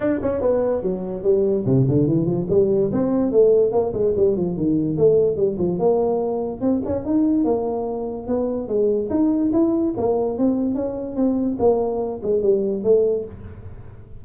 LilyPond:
\new Staff \with { instrumentName = "tuba" } { \time 4/4 \tempo 4 = 145 d'8 cis'8 b4 fis4 g4 | c8 d8 e8 f8 g4 c'4 | a4 ais8 gis8 g8 f8 dis4 | a4 g8 f8 ais2 |
c'8 cis'8 dis'4 ais2 | b4 gis4 dis'4 e'4 | ais4 c'4 cis'4 c'4 | ais4. gis8 g4 a4 | }